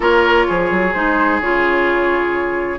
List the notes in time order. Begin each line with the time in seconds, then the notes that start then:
0.00 A#3 F4 A#4 C#5
0.47 F3 G#4
0.70 F#3
0.93 G#3 D#4 C5
1.40 C#3 F4 C#5